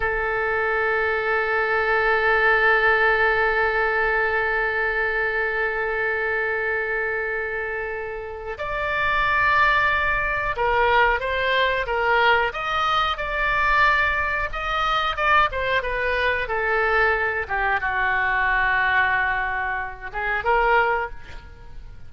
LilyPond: \new Staff \with { instrumentName = "oboe" } { \time 4/4 \tempo 4 = 91 a'1~ | a'1~ | a'1~ | a'4 d''2. |
ais'4 c''4 ais'4 dis''4 | d''2 dis''4 d''8 c''8 | b'4 a'4. g'8 fis'4~ | fis'2~ fis'8 gis'8 ais'4 | }